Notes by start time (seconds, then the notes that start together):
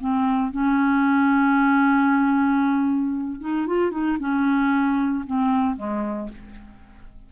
0.00 C4
0.51 C#4
3.40 D#4
3.67 F4
3.91 D#4
4.19 C#4
5.26 C4
5.76 G#3